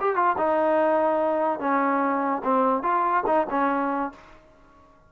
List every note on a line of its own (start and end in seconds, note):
0.00 0.15 G4
0.15 0.35 F4
0.37 1.59 D#4
1.59 2.42 C#4
2.44 2.82 C4
2.82 3.23 F4
3.26 3.47 D#4
3.50 4.11 C#4